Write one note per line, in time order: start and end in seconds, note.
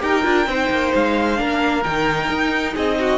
0.00 0.25 D#4
0.00 0.23 G4
0.00 0.50 A#4
0.00 0.93 G5
0.24 0.47 D4
0.24 0.46 F4
0.47 0.70 C4
0.47 1.37 D#4
0.47 1.40 C5
0.70 0.93 A#3
0.95 1.40 G#3
0.95 1.84 F5
1.37 1.86 A#3
1.37 1.82 D4
1.37 2.74 A#4
1.84 2.30 D#3
1.84 3.19 D#4
1.84 2.75 G5
2.30 2.75 D#4
2.74 3.19 C4
2.74 2.96 G#4
2.74 3.19 D#5
3.00 3.19 F#4